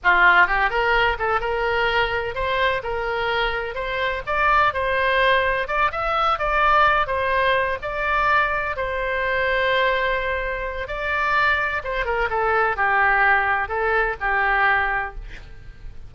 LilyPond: \new Staff \with { instrumentName = "oboe" } { \time 4/4 \tempo 4 = 127 f'4 g'8 ais'4 a'8 ais'4~ | ais'4 c''4 ais'2 | c''4 d''4 c''2 | d''8 e''4 d''4. c''4~ |
c''8 d''2 c''4.~ | c''2. d''4~ | d''4 c''8 ais'8 a'4 g'4~ | g'4 a'4 g'2 | }